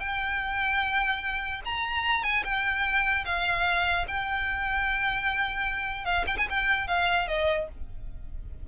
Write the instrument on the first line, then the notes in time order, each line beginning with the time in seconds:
violin
0.00 G5
1.65 A#5
2.23 G#5
2.44 G5
3.25 F5
4.08 G5
6.05 F5
6.27 G5
6.38 G#5
6.50 G5
6.87 F5
7.28 D#5